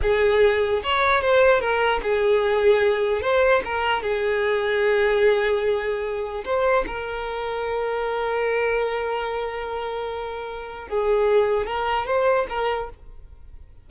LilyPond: \new Staff \with { instrumentName = "violin" } { \time 4/4 \tempo 4 = 149 gis'2 cis''4 c''4 | ais'4 gis'2. | c''4 ais'4 gis'2~ | gis'1 |
c''4 ais'2.~ | ais'1~ | ais'2. gis'4~ | gis'4 ais'4 c''4 ais'4 | }